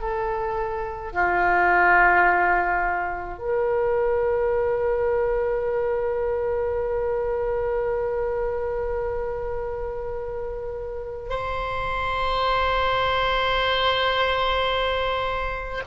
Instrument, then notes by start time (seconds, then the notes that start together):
oboe
0.00 A4
1.13 F4
3.39 A#4
11.30 C5